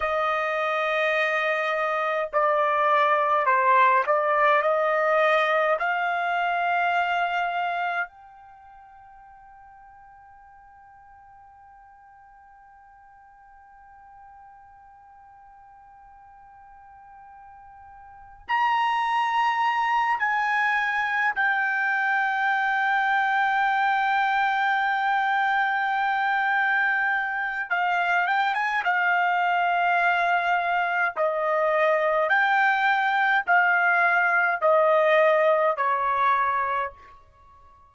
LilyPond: \new Staff \with { instrumentName = "trumpet" } { \time 4/4 \tempo 4 = 52 dis''2 d''4 c''8 d''8 | dis''4 f''2 g''4~ | g''1~ | g''1 |
ais''4. gis''4 g''4.~ | g''1 | f''8 g''16 gis''16 f''2 dis''4 | g''4 f''4 dis''4 cis''4 | }